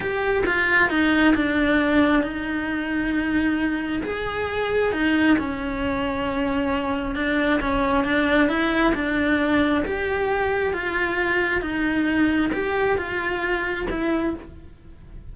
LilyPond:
\new Staff \with { instrumentName = "cello" } { \time 4/4 \tempo 4 = 134 g'4 f'4 dis'4 d'4~ | d'4 dis'2.~ | dis'4 gis'2 dis'4 | cis'1 |
d'4 cis'4 d'4 e'4 | d'2 g'2 | f'2 dis'2 | g'4 f'2 e'4 | }